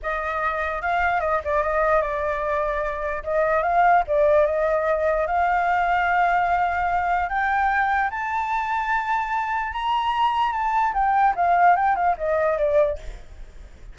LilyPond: \new Staff \with { instrumentName = "flute" } { \time 4/4 \tempo 4 = 148 dis''2 f''4 dis''8 d''8 | dis''4 d''2. | dis''4 f''4 d''4 dis''4~ | dis''4 f''2.~ |
f''2 g''2 | a''1 | ais''2 a''4 g''4 | f''4 g''8 f''8 dis''4 d''4 | }